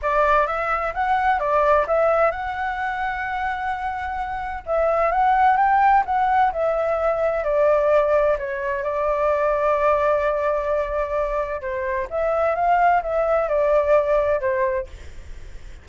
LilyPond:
\new Staff \with { instrumentName = "flute" } { \time 4/4 \tempo 4 = 129 d''4 e''4 fis''4 d''4 | e''4 fis''2.~ | fis''2 e''4 fis''4 | g''4 fis''4 e''2 |
d''2 cis''4 d''4~ | d''1~ | d''4 c''4 e''4 f''4 | e''4 d''2 c''4 | }